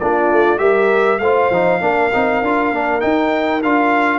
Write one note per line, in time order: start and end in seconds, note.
0.00 0.31 A#3
0.00 0.58 D4
0.00 0.60 F4
0.00 0.59 D5
0.31 0.60 A3
0.58 1.20 G3
0.58 1.19 G4
0.58 1.21 A#4
0.58 1.19 E5
1.19 1.50 A3
1.19 1.53 F4
1.19 1.82 C5
1.19 3.01 F5
1.51 1.81 F3
1.51 1.81 D#4
1.81 2.12 A#3
1.81 2.11 D4
1.81 4.19 A#4
2.14 2.42 C4
2.14 2.44 D#4
2.42 2.72 D4
2.42 2.74 F4
2.72 3.03 A#3
2.72 3.01 D4
3.01 3.61 D#4
3.01 3.64 D#4
3.01 3.62 G5
3.63 4.19 D4
3.63 4.19 F4
3.63 4.19 F5